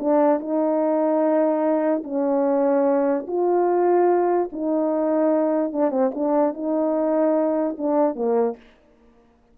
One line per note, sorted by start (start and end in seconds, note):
0.00 0.40 D4
0.40 2.04 D#4
2.04 3.27 C#4
3.28 4.50 F4
4.53 5.73 D#4
5.73 5.91 D4
5.91 6.12 C4
6.15 6.54 D4
6.54 7.77 D#4
7.78 8.16 D4
8.16 8.57 A#3